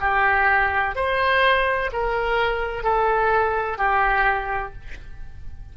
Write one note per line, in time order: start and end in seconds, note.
0.00 0.95 G4
0.95 1.90 C5
1.92 2.83 A#4
2.83 3.77 A4
3.77 4.73 G4